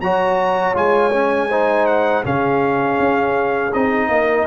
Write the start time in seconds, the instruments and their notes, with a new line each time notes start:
0.00 tuba F#3, trombone F#4, horn C#5, trumpet A#5
0.73 tuba G#3, trombone F4, trumpet G#5
1.12 trombone C#4
1.49 trombone D#4, horn C5
1.86 trumpet F#5
2.23 tuba C#3, trombone C#4, horn G#4, trumpet F5
2.98 tuba C#4
3.73 tuba C4, trombone D#4, trumpet D#5
4.08 tuba A#3, horn A#4